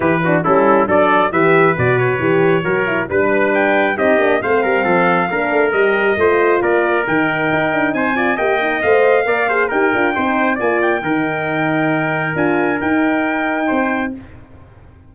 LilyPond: <<
  \new Staff \with { instrumentName = "trumpet" } { \time 4/4 \tempo 4 = 136 b'4 a'4 d''4 e''4 | d''8 cis''2~ cis''8 b'4 | g''4 dis''4 f''2~ | f''4 dis''2 d''4 |
g''2 gis''4 g''4 | f''2 g''2 | gis''8 g''2.~ g''8 | gis''4 g''2. | }
  \new Staff \with { instrumentName = "trumpet" } { \time 4/4 g'8 fis'8 e'4 a'4 b'4~ | b'2 ais'4 b'4~ | b'4 g'4 c''8 ais'8 a'4 | ais'2 c''4 ais'4~ |
ais'2 c''8 d''8 dis''4~ | dis''4 d''8 c''8 ais'4 c''4 | d''4 ais'2.~ | ais'2. c''4 | }
  \new Staff \with { instrumentName = "horn" } { \time 4/4 e'8 d'8 cis'4 d'4 g'4 | fis'4 g'4 fis'8 e'8 d'4~ | d'4 dis'8 d'8 c'2 | d'4 g'4 f'2 |
dis'2~ dis'8 f'8 g'8 dis'8 | c''4 ais'8 gis'8 g'8 f'8 dis'4 | f'4 dis'2. | f'4 dis'2. | }
  \new Staff \with { instrumentName = "tuba" } { \time 4/4 e4 g4 fis4 e4 | b,4 e4 fis4 g4~ | g4 c'8 ais8 a8 g8 f4 | ais8 a8 g4 a4 ais4 |
dis4 dis'8 d'8 c'4 ais4 | a4 ais4 dis'8 d'8 c'4 | ais4 dis2. | d'4 dis'2 c'4 | }
>>